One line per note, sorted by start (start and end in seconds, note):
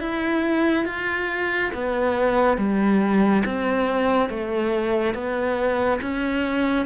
0.00 0.85 E4
0.85 1.71 F4
1.73 2.57 B3
2.57 3.43 G3
3.45 4.29 C4
4.29 5.14 A3
5.14 6.00 B3
6.01 6.85 C#4